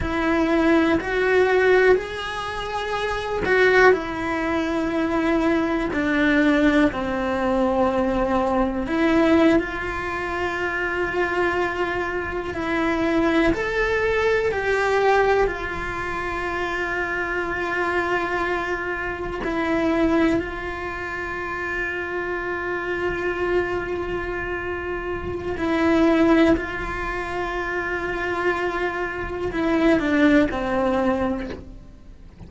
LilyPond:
\new Staff \with { instrumentName = "cello" } { \time 4/4 \tempo 4 = 61 e'4 fis'4 gis'4. fis'8 | e'2 d'4 c'4~ | c'4 e'8. f'2~ f'16~ | f'8. e'4 a'4 g'4 f'16~ |
f'2.~ f'8. e'16~ | e'8. f'2.~ f'16~ | f'2 e'4 f'4~ | f'2 e'8 d'8 c'4 | }